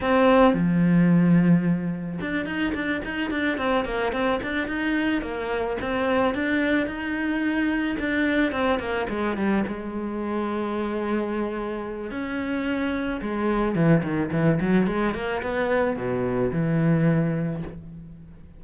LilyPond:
\new Staff \with { instrumentName = "cello" } { \time 4/4 \tempo 4 = 109 c'4 f2. | d'8 dis'8 d'8 dis'8 d'8 c'8 ais8 c'8 | d'8 dis'4 ais4 c'4 d'8~ | d'8 dis'2 d'4 c'8 |
ais8 gis8 g8 gis2~ gis8~ | gis2 cis'2 | gis4 e8 dis8 e8 fis8 gis8 ais8 | b4 b,4 e2 | }